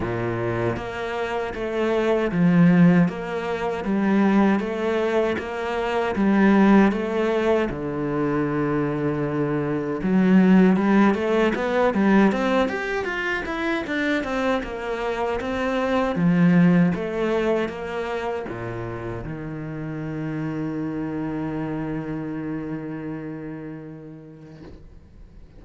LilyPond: \new Staff \with { instrumentName = "cello" } { \time 4/4 \tempo 4 = 78 ais,4 ais4 a4 f4 | ais4 g4 a4 ais4 | g4 a4 d2~ | d4 fis4 g8 a8 b8 g8 |
c'8 g'8 f'8 e'8 d'8 c'8 ais4 | c'4 f4 a4 ais4 | ais,4 dis2.~ | dis1 | }